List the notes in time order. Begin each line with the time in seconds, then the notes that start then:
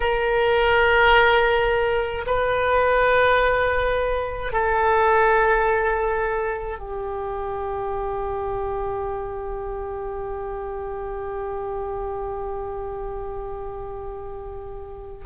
0.00 A#4
2.26 B4
4.52 A4
6.78 G4